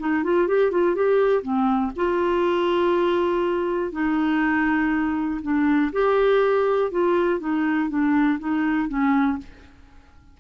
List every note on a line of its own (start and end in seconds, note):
0.00 0.24 D#4
0.24 0.48 F4
0.48 0.72 G4
0.72 0.96 F4
0.96 1.43 G4
1.43 1.92 C4
1.97 3.92 F4
3.92 5.41 D#4
5.42 5.92 D4
5.93 6.92 G4
6.92 7.40 F4
7.40 7.90 D#4
7.90 8.39 D4
8.40 8.89 D#4
8.89 9.38 C#4